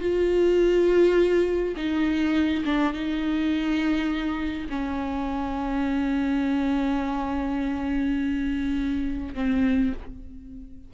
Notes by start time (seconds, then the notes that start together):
0.00 F4
1.76 D#4
2.65 D4
2.93 D#4
4.69 C#4
9.34 C4